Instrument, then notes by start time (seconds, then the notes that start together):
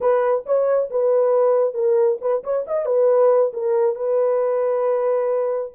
horn
0.01 B4
0.46 C#5
0.90 B4
1.74 A#4
2.21 B4
2.43 C#5
2.67 D#5
2.85 B4
3.53 A#4
3.95 B4